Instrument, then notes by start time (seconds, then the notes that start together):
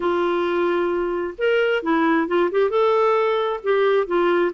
clarinet
0.00 F4
1.38 A#4
1.82 E4
2.27 F4
2.51 G4
2.69 A4
3.63 G4
4.06 F4